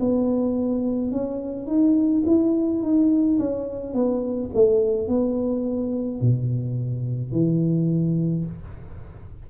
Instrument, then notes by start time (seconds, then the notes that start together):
tuba
0.00 B3
1.11 C#4
1.66 D#4
2.26 E4
2.82 D#4
3.39 C#4
3.94 B3
4.54 A3
5.08 B3
6.21 B2
7.32 E3